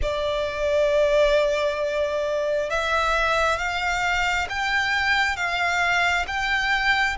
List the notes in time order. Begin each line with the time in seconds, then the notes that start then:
0.02 D5
2.70 E5
3.58 F5
4.49 G5
5.36 F5
6.27 G5